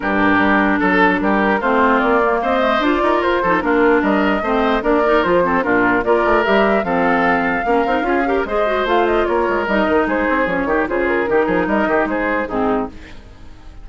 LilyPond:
<<
  \new Staff \with { instrumentName = "flute" } { \time 4/4 \tempo 4 = 149 ais'2 a'4 ais'4 | c''4 d''4 dis''4 d''4 | c''4 ais'4 dis''2 | d''4 c''4 ais'4 d''4 |
e''4 f''2.~ | f''4 dis''4 f''8 dis''8 cis''4 | dis''4 c''4 cis''4 c''8 ais'8~ | ais'4 dis''4 c''4 gis'4 | }
  \new Staff \with { instrumentName = "oboe" } { \time 4/4 g'2 a'4 g'4 | f'2 c''4. ais'8~ | ais'8 a'8 f'4 ais'4 c''4 | ais'4. a'8 f'4 ais'4~ |
ais'4 a'2 ais'4 | gis'8 ais'8 c''2 ais'4~ | ais'4 gis'4. g'8 gis'4 | g'8 gis'8 ais'8 g'8 gis'4 dis'4 | }
  \new Staff \with { instrumentName = "clarinet" } { \time 4/4 d'1 | c'4. ais4 a8 f'4~ | f'8 dis'8 d'2 c'4 | d'8 dis'8 f'8 c'8 d'4 f'4 |
g'4 c'2 cis'8 dis'8 | f'8 g'8 gis'8 fis'8 f'2 | dis'2 cis'8 dis'8 f'4 | dis'2. c'4 | }
  \new Staff \with { instrumentName = "bassoon" } { \time 4/4 g,4 g4 fis4 g4 | a4 ais4 c'4 d'8 dis'8 | f'8 f8 ais4 g4 a4 | ais4 f4 ais,4 ais8 a8 |
g4 f2 ais8 c'8 | cis'4 gis4 a4 ais8 gis8 | g8 dis8 gis8 c'8 f8 dis8 cis4 | dis8 f8 g8 dis8 gis4 gis,4 | }
>>